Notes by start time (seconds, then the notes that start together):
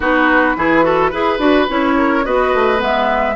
0.00 B3 D#4 F#4 B4
0.56 E3 E4 G#4
0.82 F#4 A4
1.10 E4 G#4 B4
1.38 D4 F#4
1.68 C#4 E4 C#5
1.97 A#4
2.24 B3 F#4 B4 D#5
2.54 A3
2.77 G#3 B3 E5